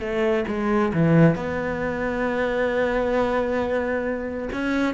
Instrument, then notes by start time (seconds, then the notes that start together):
cello
0.00 A3
0.48 G#3
0.93 E3
1.36 B3
4.53 C#4